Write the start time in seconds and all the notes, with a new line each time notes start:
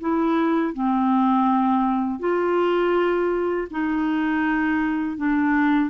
0.00 E4
0.73 C4
2.19 F4
3.70 D#4
5.17 D4